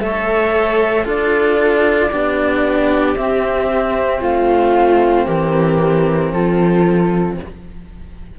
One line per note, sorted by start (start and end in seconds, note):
0.00 1.05 A3
0.00 1.05 A4
0.00 1.04 C#5
0.00 1.05 E5
1.04 2.11 D4
1.04 2.10 F4
1.04 2.10 A4
1.04 3.16 D5
2.11 3.15 B3
2.11 3.16 D4
2.11 4.20 G4
3.15 4.21 C4
3.15 7.39 C4
3.15 4.21 E5
4.20 5.26 A3
4.20 5.26 F4
4.20 5.27 F5
5.26 6.32 E3
5.26 6.31 G4
5.26 6.32 A#4
6.32 7.37 F3
6.32 7.39 F4
6.32 7.37 A4